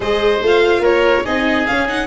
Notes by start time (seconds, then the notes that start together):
0.00 G#3 G#4 C5 D#5
0.41 A3 F4 F5
0.79 A#3 A#4 C#5
1.24 C4 D#4 G#4 D#5
1.66 C#4 F5
1.88 D#4 F#5